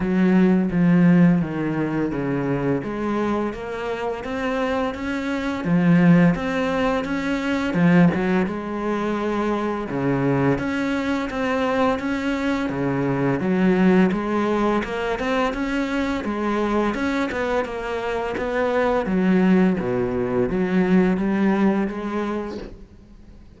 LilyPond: \new Staff \with { instrumentName = "cello" } { \time 4/4 \tempo 4 = 85 fis4 f4 dis4 cis4 | gis4 ais4 c'4 cis'4 | f4 c'4 cis'4 f8 fis8 | gis2 cis4 cis'4 |
c'4 cis'4 cis4 fis4 | gis4 ais8 c'8 cis'4 gis4 | cis'8 b8 ais4 b4 fis4 | b,4 fis4 g4 gis4 | }